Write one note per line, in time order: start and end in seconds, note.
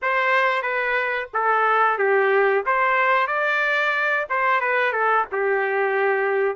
0.01 0.62 C5
0.62 1.28 B4
1.33 1.98 A4
1.98 2.64 G4
2.66 3.27 C5
3.27 4.26 D5
4.29 4.61 C5
4.61 4.92 B4
4.92 5.25 A4
5.32 6.56 G4